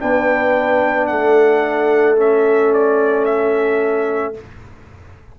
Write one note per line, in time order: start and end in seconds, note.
0.00 1.12 B3
0.00 2.17 D4
0.00 1.11 B4
0.00 1.07 G5
1.07 4.39 A3
1.07 4.38 A4
1.07 2.16 F#5
2.17 4.35 C#4
2.17 2.74 E5
2.74 3.25 D5
3.25 4.35 E5